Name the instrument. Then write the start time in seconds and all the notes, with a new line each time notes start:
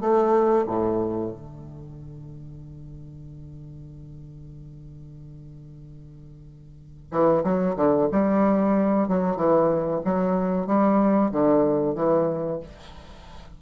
bassoon
0.00 A3
0.67 A2
1.31 D3
7.11 E3
7.43 F#3
7.76 D3
8.11 G3
9.08 F#3
9.36 E3
10.04 F#3
10.66 G3
11.31 D3
11.95 E3